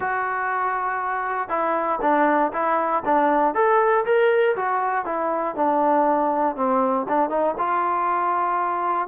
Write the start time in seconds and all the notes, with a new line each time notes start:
0.00 F#4
1.49 E4
2.01 D4
2.52 E4
3.05 D4
3.54 A4
4.05 A#4
4.56 F#4
5.05 E4
5.55 D4
6.55 C4
7.08 D4
7.29 D#4
7.57 F4